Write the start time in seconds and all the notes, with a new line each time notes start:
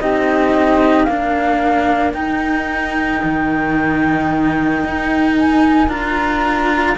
0.00 C4 D#4 G4 D#5
1.04 A#3 D4 A#4 F5
2.14 D#4 G5
3.23 D#3
4.84 D#4
5.37 G#5
5.88 D4 F4 A#5